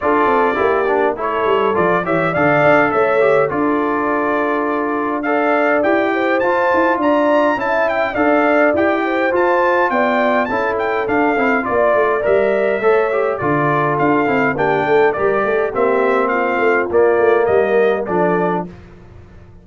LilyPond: <<
  \new Staff \with { instrumentName = "trumpet" } { \time 4/4 \tempo 4 = 103 d''2 cis''4 d''8 e''8 | f''4 e''4 d''2~ | d''4 f''4 g''4 a''4 | ais''4 a''8 g''8 f''4 g''4 |
a''4 g''4 a''8 g''8 f''4 | d''4 e''2 d''4 | f''4 g''4 d''4 e''4 | f''4 d''4 dis''4 d''4 | }
  \new Staff \with { instrumentName = "horn" } { \time 4/4 a'4 g'4 a'4. cis''8 | d''4 cis''4 a'2~ | a'4 d''4. c''4. | d''4 e''4 d''4. c''8~ |
c''4 d''4 a'2 | d''2 cis''4 a'4~ | a'4 g'8 a'8 ais'8 a'8 g'4 | f'2 ais'4 a'4 | }
  \new Staff \with { instrumentName = "trombone" } { \time 4/4 f'4 e'8 d'8 e'4 f'8 g'8 | a'4. g'8 f'2~ | f'4 a'4 g'4 f'4~ | f'4 e'4 a'4 g'4 |
f'2 e'4 d'8 e'8 | f'4 ais'4 a'8 g'8 f'4~ | f'8 e'8 d'4 g'4 c'4~ | c'4 ais2 d'4 | }
  \new Staff \with { instrumentName = "tuba" } { \time 4/4 d'8 c'8 ais4 a8 g8 f8 e8 | d8 d'8 a4 d'2~ | d'2 e'4 f'8 e'8 | d'4 cis'4 d'4 e'4 |
f'4 b4 cis'4 d'8 c'8 | ais8 a8 g4 a4 d4 | d'8 c'8 ais8 a8 g8 a8 ais4~ | ais8 a8 ais8 a8 g4 f4 | }
>>